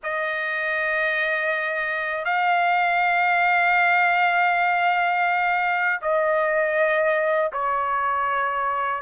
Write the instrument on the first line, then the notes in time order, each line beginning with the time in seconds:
trumpet
0.03 D#5
2.25 F5
6.01 D#5
7.52 C#5